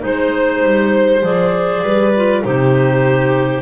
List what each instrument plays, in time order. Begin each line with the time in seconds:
0.00 double bass G#3, clarinet D#4 C5, violin C5
0.62 double bass G3
1.22 double bass F3, clarinet G#4 D5
1.82 double bass G3, violin B4
2.16 clarinet F4
2.44 double bass C3, clarinet D#4 C5, violin G4